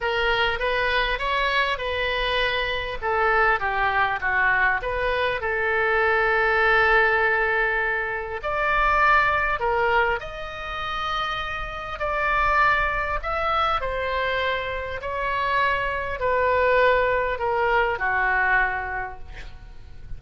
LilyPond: \new Staff \with { instrumentName = "oboe" } { \time 4/4 \tempo 4 = 100 ais'4 b'4 cis''4 b'4~ | b'4 a'4 g'4 fis'4 | b'4 a'2.~ | a'2 d''2 |
ais'4 dis''2. | d''2 e''4 c''4~ | c''4 cis''2 b'4~ | b'4 ais'4 fis'2 | }